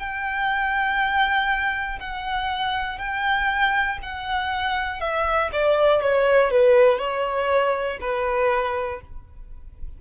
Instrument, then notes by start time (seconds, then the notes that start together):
violin
0.00 G5
2.00 F#5
2.99 G5
4.03 F#5
5.01 E5
5.53 D5
6.02 C#5
6.51 B4
6.99 C#5
8.01 B4